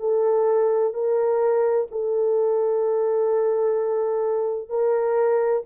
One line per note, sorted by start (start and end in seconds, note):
0.00 0.94 A4
0.94 1.88 A#4
1.92 4.70 A4
4.70 5.63 A#4